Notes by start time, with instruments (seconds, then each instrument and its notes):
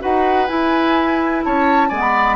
0.00 bassoon D#4, clarinet F#4, oboe B4, flute F#5
0.47 clarinet E4, bassoon E4, flute G#5
1.45 bassoon C#4, oboe C#5, flute A5
1.89 bassoon G#3, clarinet B3, oboe D5, flute G#5
2.01 flute B5